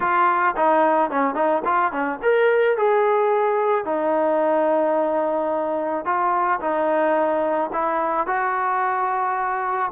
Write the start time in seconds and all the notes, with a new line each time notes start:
0.00 F4
0.56 D#4
1.10 C#4
1.35 D#4
1.65 F4
1.92 C#4
2.22 A#4
2.77 G#4
3.85 D#4
6.05 F4
6.60 D#4
7.73 E4
8.26 F#4